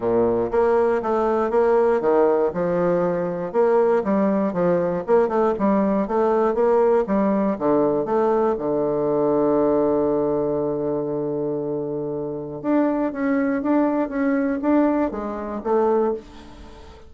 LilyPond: \new Staff \with { instrumentName = "bassoon" } { \time 4/4 \tempo 4 = 119 ais,4 ais4 a4 ais4 | dis4 f2 ais4 | g4 f4 ais8 a8 g4 | a4 ais4 g4 d4 |
a4 d2.~ | d1~ | d4 d'4 cis'4 d'4 | cis'4 d'4 gis4 a4 | }